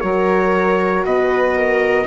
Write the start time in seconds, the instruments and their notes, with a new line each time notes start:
0.00 bassoon F#3, horn F#4, viola A#4, trumpet C#5
1.05 bassoon B2, viola B4, trumpet D#5
1.56 viola A#4